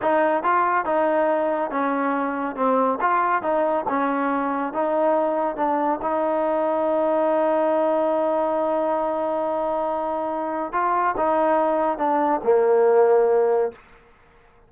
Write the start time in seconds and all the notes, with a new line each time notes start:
0.02 D#4
0.43 F4
0.85 D#4
1.70 C#4
2.56 C4
3.00 F4
3.42 D#4
3.88 C#4
4.73 D#4
5.56 D4
6.02 D#4
10.72 F4
11.17 D#4
11.98 D4
12.43 A#3